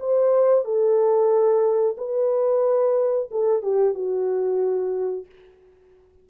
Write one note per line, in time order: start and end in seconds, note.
0.00 0.65 C5
0.65 1.97 A4
1.98 3.29 B4
3.31 3.62 A4
3.62 3.94 G4
3.94 5.26 F#4